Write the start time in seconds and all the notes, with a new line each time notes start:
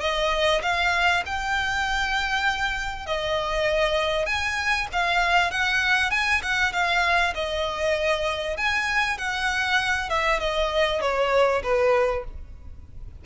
0.00 D#5
0.62 F5
1.26 G5
3.06 D#5
4.26 G#5
4.93 F5
5.51 F#5
6.11 G#5
6.43 F#5
6.73 F5
7.35 D#5
8.57 G#5
9.18 F#5
10.09 E5
10.40 D#5
11.01 C#5
11.63 B4